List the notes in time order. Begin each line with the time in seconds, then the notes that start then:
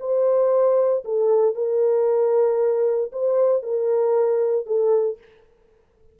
0.00 C5
1.05 A4
1.55 A#4
3.13 C5
3.63 A#4
4.66 A4